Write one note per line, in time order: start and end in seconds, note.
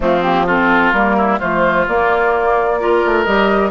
0.00 0.93 F3
0.00 0.19 A3
0.00 0.46 C4
0.00 0.22 F4
0.22 0.47 A#3
0.22 0.46 G4
0.46 0.94 C4
0.46 1.16 F4
0.46 0.92 A4
0.92 1.39 G3
0.92 1.40 A#3
0.92 1.38 A#4
1.17 1.39 E4
1.39 1.88 F3
1.39 1.86 A3
1.39 2.78 F4
1.39 1.86 C5
1.88 3.04 A#3
1.88 2.79 A#3
1.88 3.24 D5
2.79 3.26 F4
2.79 3.70 A#4
3.05 3.26 A3
3.24 3.70 G3
3.24 3.70 G4
3.24 3.70 D#5